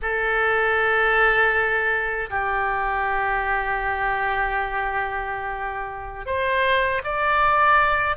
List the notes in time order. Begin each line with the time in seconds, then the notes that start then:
0.01 A4
2.30 G4
6.26 C5
7.04 D5